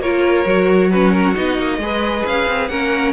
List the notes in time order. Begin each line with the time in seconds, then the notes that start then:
0.00 A#3 F4 A#4 C#5
0.46 F#3 F#4
0.90 C#4 F#4 B4
1.12 A#4
1.35 B3 D#4 D#5
1.59 A#3
1.78 G#3 G#4 B4
2.26 C#4 F5
2.48 C4
2.68 A#3 C#4 A#4 F#5